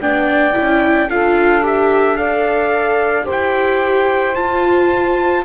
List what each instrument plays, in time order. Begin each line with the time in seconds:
0.00 double bass B3, viola D4, saxophone D5, trumpet G5
0.53 double bass C#4, viola E4
1.08 double bass D4, viola F4, saxophone A4, trumpet F5
1.62 viola G4, trumpet E5
2.14 viola A4, saxophone D5, trumpet F5
3.24 double bass E4, viola G4, saxophone C5
3.31 trumpet G5
4.35 viola F4, double bass F4, trumpet A5